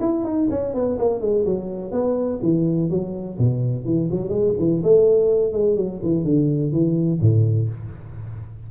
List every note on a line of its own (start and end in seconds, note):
0.00 0.24 E4
0.24 0.48 D#4
0.50 0.74 C#4
0.74 0.98 B3
0.98 1.20 A#3
1.20 1.44 G#3
1.45 1.91 F#3
1.91 2.39 B3
2.42 2.90 E3
2.90 3.38 F#3
3.38 3.85 B2
3.85 4.09 E3
4.11 4.29 F#3
4.29 4.53 G#3
4.58 4.82 E3
4.83 5.52 A3
5.52 5.76 G#3
5.76 6.00 F#3
6.02 6.24 E3
6.24 6.72 D3
6.72 7.20 E3
7.21 7.69 A2